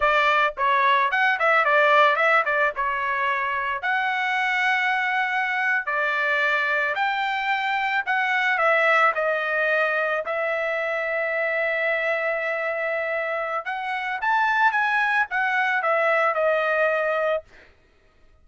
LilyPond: \new Staff \with { instrumentName = "trumpet" } { \time 4/4 \tempo 4 = 110 d''4 cis''4 fis''8 e''8 d''4 | e''8 d''8 cis''2 fis''4~ | fis''2~ fis''8. d''4~ d''16~ | d''8. g''2 fis''4 e''16~ |
e''8. dis''2 e''4~ e''16~ | e''1~ | e''4 fis''4 a''4 gis''4 | fis''4 e''4 dis''2 | }